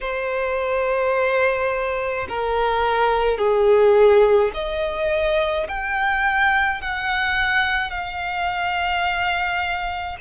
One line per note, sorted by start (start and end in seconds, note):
0.00 2.26 C5
2.28 3.38 A#4
3.38 4.51 G#4
4.53 5.67 D#5
5.68 6.81 G5
6.81 7.90 F#5
7.90 10.16 F5